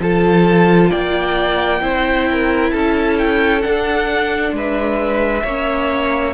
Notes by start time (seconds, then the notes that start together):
0.00 F3 F4 A4 A5
0.91 A#3 D5 G5
1.81 C4 E4 C5
2.32 A#4
2.71 C#4 A4 A5
3.18 G5
3.62 D4 F#5
4.53 G#3 B4 E5
5.44 A#3 C#4 C#5